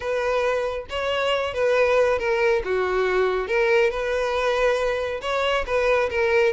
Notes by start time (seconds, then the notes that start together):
0.00 B4
0.89 C#5
1.54 B4
2.19 A#4
2.64 F#4
3.47 A#4
3.90 B4
5.21 C#5
5.66 B4
6.09 A#4